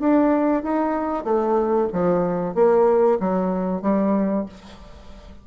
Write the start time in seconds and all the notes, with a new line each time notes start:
0.00 D4
0.63 D#4
1.24 A3
1.93 F3
2.55 A#3
3.20 F#3
3.82 G3